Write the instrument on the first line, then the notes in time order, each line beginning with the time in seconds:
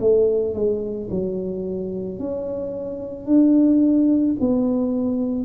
tuba
0.00 A3
0.54 G#3
1.11 F#3
2.19 C#4
3.26 D4
4.40 B3